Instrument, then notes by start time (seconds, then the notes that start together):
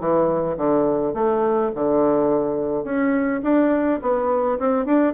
bassoon
0.00 E3
0.57 D3
1.14 A3
1.75 D3
2.84 C#4
3.43 D4
4.02 B3
4.59 C4
4.86 D4